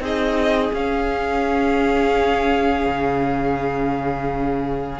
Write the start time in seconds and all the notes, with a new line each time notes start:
0.00 C4 D#4 G#4 D#5
0.73 C#4 F5
2.86 C#3